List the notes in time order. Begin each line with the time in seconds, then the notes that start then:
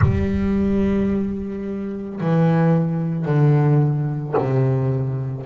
0.01 G3
2.20 E3
3.25 D3
4.37 C3